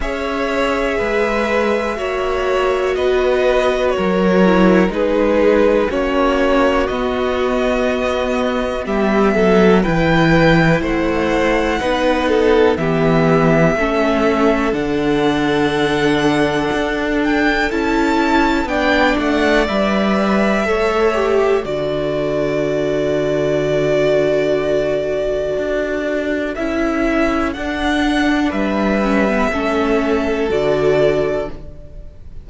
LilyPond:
<<
  \new Staff \with { instrumentName = "violin" } { \time 4/4 \tempo 4 = 61 e''2. dis''4 | cis''4 b'4 cis''4 dis''4~ | dis''4 e''4 g''4 fis''4~ | fis''4 e''2 fis''4~ |
fis''4. g''8 a''4 g''8 fis''8 | e''2 d''2~ | d''2. e''4 | fis''4 e''2 d''4 | }
  \new Staff \with { instrumentName = "violin" } { \time 4/4 cis''4 b'4 cis''4 b'4 | ais'4 gis'4 fis'2~ | fis'4 g'8 a'8 b'4 c''4 | b'8 a'8 g'4 a'2~ |
a'2. d''4~ | d''4 cis''4 a'2~ | a'1~ | a'4 b'4 a'2 | }
  \new Staff \with { instrumentName = "viola" } { \time 4/4 gis'2 fis'2~ | fis'8 e'8 dis'4 cis'4 b4~ | b2 e'2 | dis'4 b4 cis'4 d'4~ |
d'2 e'4 d'4 | b'4 a'8 g'8 fis'2~ | fis'2. e'4 | d'4. cis'16 b16 cis'4 fis'4 | }
  \new Staff \with { instrumentName = "cello" } { \time 4/4 cis'4 gis4 ais4 b4 | fis4 gis4 ais4 b4~ | b4 g8 fis8 e4 a4 | b4 e4 a4 d4~ |
d4 d'4 cis'4 b8 a8 | g4 a4 d2~ | d2 d'4 cis'4 | d'4 g4 a4 d4 | }
>>